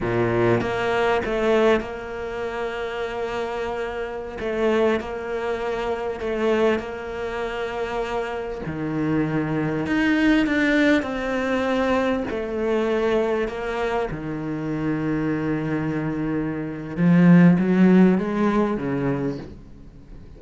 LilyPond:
\new Staff \with { instrumentName = "cello" } { \time 4/4 \tempo 4 = 99 ais,4 ais4 a4 ais4~ | ais2.~ ais16 a8.~ | a16 ais2 a4 ais8.~ | ais2~ ais16 dis4.~ dis16~ |
dis16 dis'4 d'4 c'4.~ c'16~ | c'16 a2 ais4 dis8.~ | dis1 | f4 fis4 gis4 cis4 | }